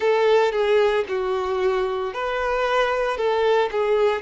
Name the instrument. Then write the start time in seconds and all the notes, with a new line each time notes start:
violin
0.00 A4
0.52 G#4
1.08 F#4
2.13 B4
3.17 A4
3.71 G#4